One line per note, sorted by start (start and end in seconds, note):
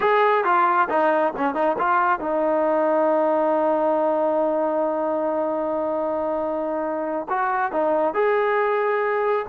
0.00 0.44 G#4
0.44 0.88 F4
0.89 1.33 D#4
1.37 1.54 C#4
1.54 1.76 D#4
1.78 2.19 F4
2.19 7.27 D#4
7.29 7.71 F#4
7.71 8.13 D#4
8.13 9.46 G#4